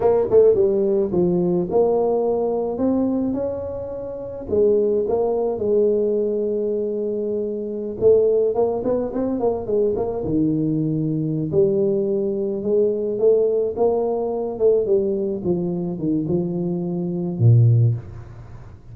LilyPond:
\new Staff \with { instrumentName = "tuba" } { \time 4/4 \tempo 4 = 107 ais8 a8 g4 f4 ais4~ | ais4 c'4 cis'2 | gis4 ais4 gis2~ | gis2~ gis16 a4 ais8 b16~ |
b16 c'8 ais8 gis8 ais8 dis4.~ dis16~ | dis8 g2 gis4 a8~ | a8 ais4. a8 g4 f8~ | f8 dis8 f2 ais,4 | }